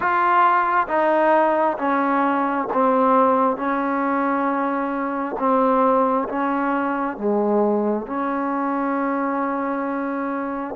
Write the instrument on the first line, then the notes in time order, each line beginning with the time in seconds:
trombone
0.00 F4
0.87 D#4
1.78 C#4
2.73 C4
3.56 C#4
5.38 C4
6.28 C#4
7.16 G#3
8.06 C#4